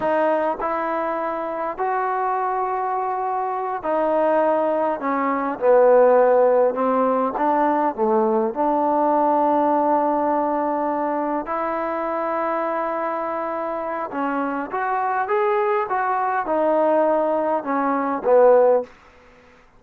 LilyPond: \new Staff \with { instrumentName = "trombone" } { \time 4/4 \tempo 4 = 102 dis'4 e'2 fis'4~ | fis'2~ fis'8 dis'4.~ | dis'8 cis'4 b2 c'8~ | c'8 d'4 a4 d'4.~ |
d'2.~ d'8 e'8~ | e'1 | cis'4 fis'4 gis'4 fis'4 | dis'2 cis'4 b4 | }